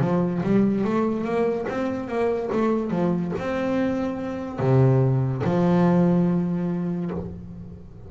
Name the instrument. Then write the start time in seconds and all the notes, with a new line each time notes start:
double bass
0.00 F3
0.43 G3
0.84 A3
1.24 A#3
1.69 C4
2.08 A#3
2.53 A3
2.90 F3
3.39 C4
4.59 C3
5.44 F3